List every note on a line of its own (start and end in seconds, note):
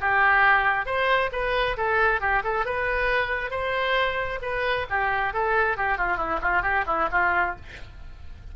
0.00 0.85 G4
0.85 1.30 C5
1.32 1.76 B4
1.77 2.20 A4
2.20 2.42 G4
2.43 2.65 A4
2.65 3.50 B4
3.50 4.39 C5
4.41 4.86 B4
4.89 5.33 G4
5.33 5.77 A4
5.77 5.98 G4
5.98 6.17 F4
6.17 6.39 E4
6.42 6.62 F4
6.62 6.84 G4
6.86 7.08 E4
7.11 7.55 F4